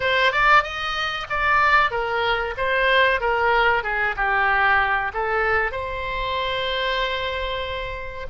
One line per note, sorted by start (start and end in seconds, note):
0.00 0.32 C5
0.32 0.63 D5
0.63 1.26 D#5
1.29 1.90 D5
1.90 2.54 A#4
2.57 3.20 C5
3.20 3.83 A#4
3.83 4.15 G#4
4.16 5.12 G4
5.13 5.71 A4
5.71 8.27 C5